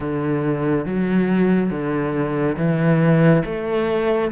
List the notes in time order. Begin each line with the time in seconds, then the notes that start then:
0.00 D3
0.85 F#3
1.70 D3
2.57 E3
3.45 A3